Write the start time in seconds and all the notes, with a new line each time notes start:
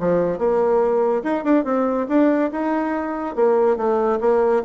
0.00 F3
0.39 A#3
1.24 D#4
1.45 D4
1.65 C4
2.09 D4
2.52 D#4
3.36 A#3
3.77 A3
4.21 A#3